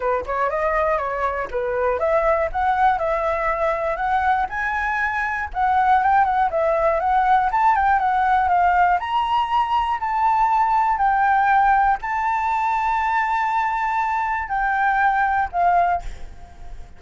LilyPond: \new Staff \with { instrumentName = "flute" } { \time 4/4 \tempo 4 = 120 b'8 cis''8 dis''4 cis''4 b'4 | e''4 fis''4 e''2 | fis''4 gis''2 fis''4 | g''8 fis''8 e''4 fis''4 a''8 g''8 |
fis''4 f''4 ais''2 | a''2 g''2 | a''1~ | a''4 g''2 f''4 | }